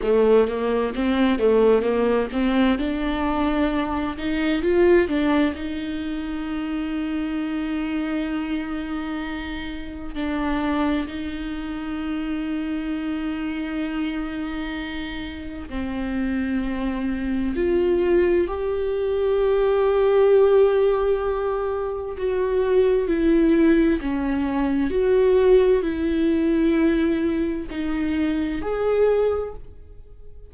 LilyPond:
\new Staff \with { instrumentName = "viola" } { \time 4/4 \tempo 4 = 65 a8 ais8 c'8 a8 ais8 c'8 d'4~ | d'8 dis'8 f'8 d'8 dis'2~ | dis'2. d'4 | dis'1~ |
dis'4 c'2 f'4 | g'1 | fis'4 e'4 cis'4 fis'4 | e'2 dis'4 gis'4 | }